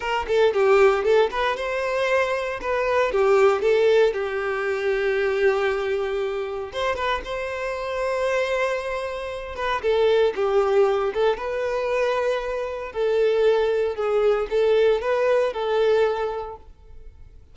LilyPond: \new Staff \with { instrumentName = "violin" } { \time 4/4 \tempo 4 = 116 ais'8 a'8 g'4 a'8 b'8 c''4~ | c''4 b'4 g'4 a'4 | g'1~ | g'4 c''8 b'8 c''2~ |
c''2~ c''8 b'8 a'4 | g'4. a'8 b'2~ | b'4 a'2 gis'4 | a'4 b'4 a'2 | }